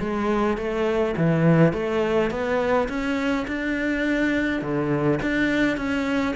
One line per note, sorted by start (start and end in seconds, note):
0.00 0.57 G#3
0.57 1.15 A3
1.17 1.73 E3
1.73 2.31 A3
2.31 2.88 B3
2.89 3.46 C#4
3.47 4.62 D4
4.62 5.20 D3
5.22 5.77 D4
5.77 6.35 C#4